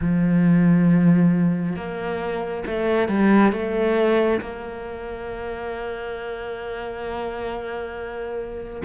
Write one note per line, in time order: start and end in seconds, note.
0.01 1.76 F3
1.76 2.64 A#3
2.66 3.08 A3
3.08 3.52 G3
3.52 4.40 A3
4.40 8.82 A#3